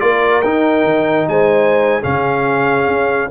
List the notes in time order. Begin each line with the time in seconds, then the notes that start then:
0.00 A#3 F4 A#4 D5
0.42 D#4 G5
0.84 D#3
1.28 G#3 C5 G#5
2.00 C#3 C#4 G#4 F5
2.87 C#4